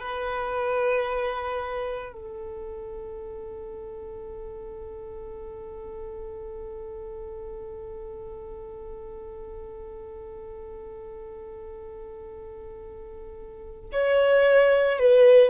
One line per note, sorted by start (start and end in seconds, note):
0.00 2.12 B4
2.12 13.91 A4
13.92 14.99 C#5
14.99 15.50 B4